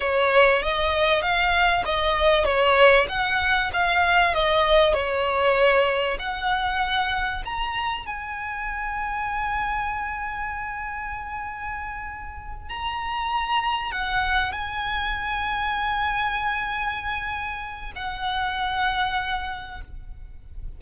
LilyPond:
\new Staff \with { instrumentName = "violin" } { \time 4/4 \tempo 4 = 97 cis''4 dis''4 f''4 dis''4 | cis''4 fis''4 f''4 dis''4 | cis''2 fis''2 | ais''4 gis''2.~ |
gis''1~ | gis''8 ais''2 fis''4 gis''8~ | gis''1~ | gis''4 fis''2. | }